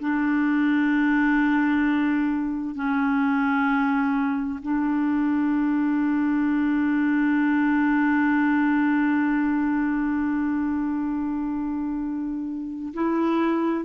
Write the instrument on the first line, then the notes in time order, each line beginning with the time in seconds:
clarinet
0.00 D4
2.75 C#4
4.62 D4
12.94 E4